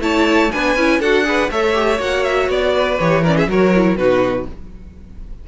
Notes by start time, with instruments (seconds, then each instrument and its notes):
0.00 cello A3, viola E4, violin C#5 A5
0.52 cello B3, viola D4, violin B4 G#5
0.76 cello C#4, viola E4
1.00 cello D4, viola F#4, violin A4 F#5
1.25 viola G#4, violin B4
1.51 cello A3, viola A4, violin C#5 E5
1.74 viola G4
1.99 cello A#3, viola F#4, violin F#5
2.24 violin E5
2.49 cello B3, violin D5
2.75 violin B4
3.00 cello E3, viola G4, violin C#5
3.22 viola C#4, violin A#4 D5
3.37 violin G#4 E5
3.48 cello F#3, viola F#4, violin A#4 C#5
3.75 viola E4
3.97 cello B2, viola D#4, violin F#4 B4